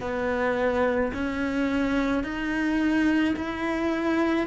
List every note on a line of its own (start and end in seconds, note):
0.00 1.11 B3
1.14 2.23 C#4
2.23 3.34 D#4
3.36 4.47 E4